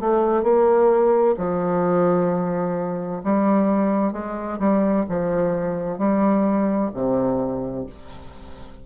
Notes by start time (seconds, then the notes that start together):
0.00 A3
0.43 A#3
1.37 F3
3.23 G3
4.12 G#3
4.59 G3
5.09 F3
5.98 G3
6.94 C3